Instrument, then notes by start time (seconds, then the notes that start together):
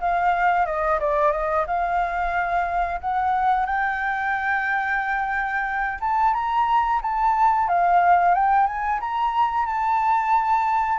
flute
0.00 F5
0.65 D#5
1.00 D5
1.32 D#5
1.67 F5
3.00 F#5
3.65 G5
6.00 A5
6.34 A#5
7.02 A5
7.68 F5
8.35 G5
8.67 G#5
9.00 A#5
9.66 A5